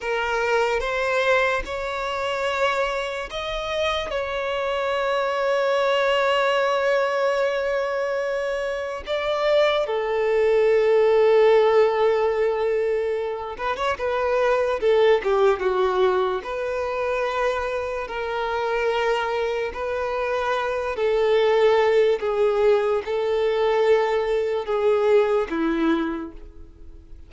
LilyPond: \new Staff \with { instrumentName = "violin" } { \time 4/4 \tempo 4 = 73 ais'4 c''4 cis''2 | dis''4 cis''2.~ | cis''2. d''4 | a'1~ |
a'8 b'16 cis''16 b'4 a'8 g'8 fis'4 | b'2 ais'2 | b'4. a'4. gis'4 | a'2 gis'4 e'4 | }